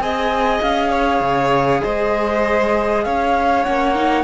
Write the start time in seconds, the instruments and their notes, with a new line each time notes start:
0.00 cello C4, viola G#4, violin D#5, flute G#5
0.62 cello C#4, flute F5
0.90 violin C#5
1.21 cello C#3
1.83 cello G#3, violin C5, flute D#5
3.04 cello C#4, violin C#5, flute F5
3.63 cello A#3, viola C#4, flute F#5
3.95 viola D#4